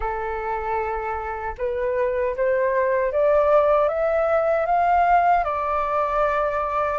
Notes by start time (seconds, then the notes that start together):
0.00 A4
1.58 B4
2.36 C5
3.12 D5
3.88 E5
4.65 F5
5.44 D5